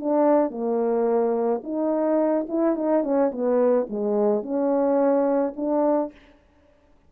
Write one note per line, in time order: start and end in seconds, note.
0.00 0.51 D4
0.51 1.62 A#3
1.64 2.47 D#4
2.49 2.76 E4
2.76 3.04 D#4
3.04 3.31 C#4
3.32 3.87 B3
3.90 4.43 G#3
4.43 5.54 C#4
5.57 6.12 D4